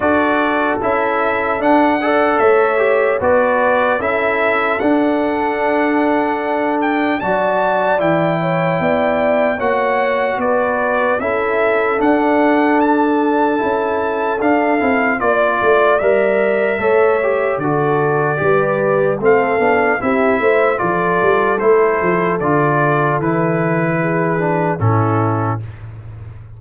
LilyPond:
<<
  \new Staff \with { instrumentName = "trumpet" } { \time 4/4 \tempo 4 = 75 d''4 e''4 fis''4 e''4 | d''4 e''4 fis''2~ | fis''8 g''8 a''4 g''2 | fis''4 d''4 e''4 fis''4 |
a''2 f''4 d''4 | e''2 d''2 | f''4 e''4 d''4 c''4 | d''4 b'2 a'4 | }
  \new Staff \with { instrumentName = "horn" } { \time 4/4 a'2~ a'8 d''8 cis''4 | b'4 a'2.~ | a'4 d''4. cis''8 d''4 | cis''4 b'4 a'2~ |
a'2. d''4~ | d''4 cis''4 a'4 b'4 | a'4 g'8 c''8 a'2~ | a'2 gis'4 e'4 | }
  \new Staff \with { instrumentName = "trombone" } { \time 4/4 fis'4 e'4 d'8 a'4 g'8 | fis'4 e'4 d'2~ | d'4 fis'4 e'2 | fis'2 e'4 d'4~ |
d'4 e'4 d'8 e'8 f'4 | ais'4 a'8 g'8 fis'4 g'4 | c'8 d'8 e'4 f'4 e'4 | f'4 e'4. d'8 cis'4 | }
  \new Staff \with { instrumentName = "tuba" } { \time 4/4 d'4 cis'4 d'4 a4 | b4 cis'4 d'2~ | d'4 fis4 e4 b4 | ais4 b4 cis'4 d'4~ |
d'4 cis'4 d'8 c'8 ais8 a8 | g4 a4 d4 g4 | a8 b8 c'8 a8 f8 g8 a8 f8 | d4 e2 a,4 | }
>>